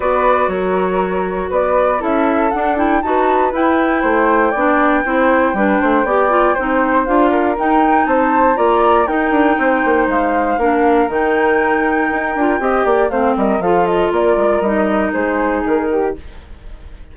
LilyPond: <<
  \new Staff \with { instrumentName = "flute" } { \time 4/4 \tempo 4 = 119 d''4 cis''2 d''4 | e''4 fis''8 g''8 a''4 g''4~ | g''1~ | g''2 f''4 g''4 |
a''4 ais''4 g''2 | f''2 g''2~ | g''2 f''8 dis''8 f''8 dis''8 | d''4 dis''4 c''4 ais'4 | }
  \new Staff \with { instrumentName = "flute" } { \time 4/4 b'4 ais'2 b'4 | a'2 b'2 | c''4 d''4 c''4 b'8 c''8 | d''4 c''4. ais'4. |
c''4 d''4 ais'4 c''4~ | c''4 ais'2.~ | ais'4 dis''8 d''8 c''8 ais'8 a'4 | ais'2 gis'4. g'8 | }
  \new Staff \with { instrumentName = "clarinet" } { \time 4/4 fis'1 | e'4 d'8 e'8 fis'4 e'4~ | e'4 d'4 e'4 d'4 | g'8 f'8 dis'4 f'4 dis'4~ |
dis'4 f'4 dis'2~ | dis'4 d'4 dis'2~ | dis'8 f'8 g'4 c'4 f'4~ | f'4 dis'2. | }
  \new Staff \with { instrumentName = "bassoon" } { \time 4/4 b4 fis2 b4 | cis'4 d'4 dis'4 e'4 | a4 b4 c'4 g8 a8 | b4 c'4 d'4 dis'4 |
c'4 ais4 dis'8 d'8 c'8 ais8 | gis4 ais4 dis2 | dis'8 d'8 c'8 ais8 a8 g8 f4 | ais8 gis8 g4 gis4 dis4 | }
>>